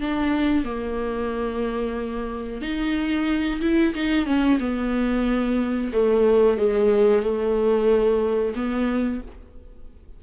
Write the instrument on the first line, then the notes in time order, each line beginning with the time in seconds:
viola
0.00 D4
0.64 A#3
2.61 D#4
3.61 E4
3.94 D#4
4.26 C#4
4.59 B3
5.92 A3
6.57 G#3
7.22 A3
8.55 B3